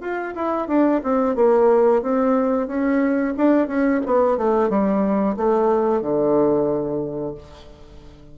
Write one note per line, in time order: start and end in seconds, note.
0.00 0.33 F4
0.35 0.67 E4
0.67 1.01 D4
1.03 1.35 C4
1.35 2.02 A#3
2.02 2.67 C4
2.67 3.34 C#4
3.36 3.67 D4
3.67 4.00 C#4
4.05 4.37 B3
4.37 4.69 A3
4.69 5.36 G3
5.36 6.01 A3
6.01 7.35 D3